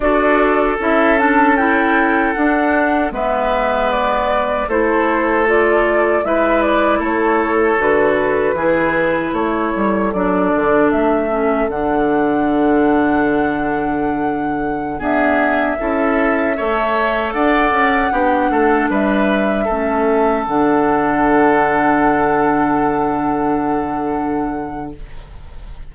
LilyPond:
<<
  \new Staff \with { instrumentName = "flute" } { \time 4/4 \tempo 4 = 77 d''4 e''8 a''8 g''4 fis''4 | e''4 d''4 c''4 d''4 | e''8 d''8 cis''4 b'2 | cis''4 d''4 e''4 fis''4~ |
fis''2.~ fis''16 e''8.~ | e''2~ e''16 fis''4.~ fis''16~ | fis''16 e''2 fis''4.~ fis''16~ | fis''1 | }
  \new Staff \with { instrumentName = "oboe" } { \time 4/4 a'1 | b'2 a'2 | b'4 a'2 gis'4 | a'1~ |
a'2.~ a'16 gis'8.~ | gis'16 a'4 cis''4 d''4 g'8 a'16~ | a'16 b'4 a'2~ a'8.~ | a'1 | }
  \new Staff \with { instrumentName = "clarinet" } { \time 4/4 fis'4 e'8 d'8 e'4 d'4 | b2 e'4 f'4 | e'2 fis'4 e'4~ | e'4 d'4. cis'8 d'4~ |
d'2.~ d'16 b8.~ | b16 e'4 a'2 d'8.~ | d'4~ d'16 cis'4 d'4.~ d'16~ | d'1 | }
  \new Staff \with { instrumentName = "bassoon" } { \time 4/4 d'4 cis'2 d'4 | gis2 a2 | gis4 a4 d4 e4 | a8 g8 fis8 d8 a4 d4~ |
d2.~ d16 d'8.~ | d'16 cis'4 a4 d'8 cis'8 b8 a16~ | a16 g4 a4 d4.~ d16~ | d1 | }
>>